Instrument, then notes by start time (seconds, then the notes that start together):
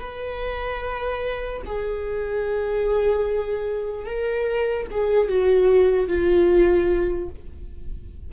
viola
0.00 B4
1.66 G#4
4.06 A#4
4.91 G#4
5.29 F#4
6.08 F4